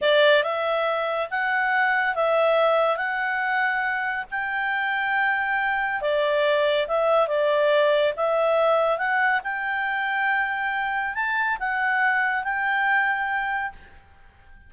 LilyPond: \new Staff \with { instrumentName = "clarinet" } { \time 4/4 \tempo 4 = 140 d''4 e''2 fis''4~ | fis''4 e''2 fis''4~ | fis''2 g''2~ | g''2 d''2 |
e''4 d''2 e''4~ | e''4 fis''4 g''2~ | g''2 a''4 fis''4~ | fis''4 g''2. | }